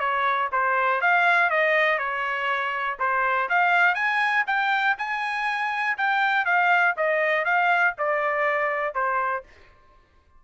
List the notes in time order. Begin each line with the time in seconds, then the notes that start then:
0.00 C#5
0.52 C5
1.01 F5
1.50 D#5
1.99 C#5
3.00 C5
3.49 F5
3.95 G#5
4.47 G5
4.98 G#5
5.98 G5
6.45 F5
6.97 D#5
7.45 F5
7.98 D5
8.94 C5